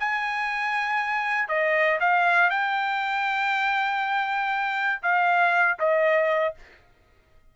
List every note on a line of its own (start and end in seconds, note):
0.00 1.49 G#5
1.49 1.99 D#5
2.01 2.50 F5
2.50 5.02 G5
5.03 5.78 F5
5.80 6.55 D#5